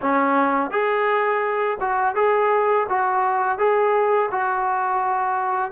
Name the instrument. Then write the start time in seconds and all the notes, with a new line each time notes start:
trombone
0.01 C#4
0.70 G#4
1.80 F#4
2.15 G#4
2.89 F#4
3.58 G#4
4.31 F#4